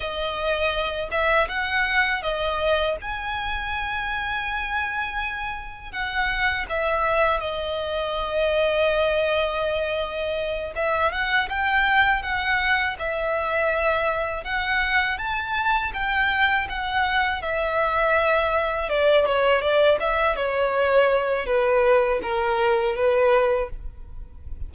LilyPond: \new Staff \with { instrumentName = "violin" } { \time 4/4 \tempo 4 = 81 dis''4. e''8 fis''4 dis''4 | gis''1 | fis''4 e''4 dis''2~ | dis''2~ dis''8 e''8 fis''8 g''8~ |
g''8 fis''4 e''2 fis''8~ | fis''8 a''4 g''4 fis''4 e''8~ | e''4. d''8 cis''8 d''8 e''8 cis''8~ | cis''4 b'4 ais'4 b'4 | }